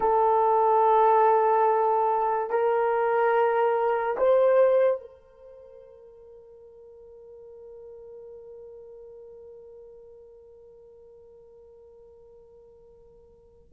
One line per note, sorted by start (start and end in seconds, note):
0.00 2.50 A4
2.50 4.16 A#4
4.17 5.00 C5
5.00 13.73 A#4